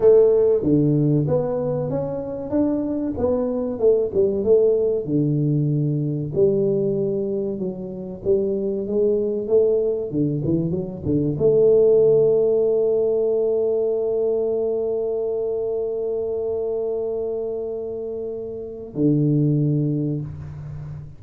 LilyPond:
\new Staff \with { instrumentName = "tuba" } { \time 4/4 \tempo 4 = 95 a4 d4 b4 cis'4 | d'4 b4 a8 g8 a4 | d2 g2 | fis4 g4 gis4 a4 |
d8 e8 fis8 d8 a2~ | a1~ | a1~ | a2 d2 | }